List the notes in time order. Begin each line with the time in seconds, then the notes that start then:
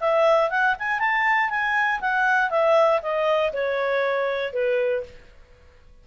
0.00 E5
0.50 F#5
0.79 G#5
0.99 A5
1.50 G#5
2.01 F#5
2.50 E5
3.02 D#5
3.53 C#5
4.53 B4